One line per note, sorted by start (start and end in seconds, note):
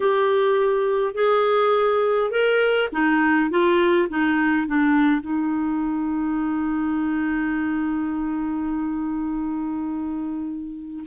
0.00 1.14 G4
1.14 2.30 G#4
2.30 2.89 A#4
2.92 3.50 D#4
3.50 4.08 F4
4.09 4.67 D#4
4.67 5.21 D4
5.21 11.04 D#4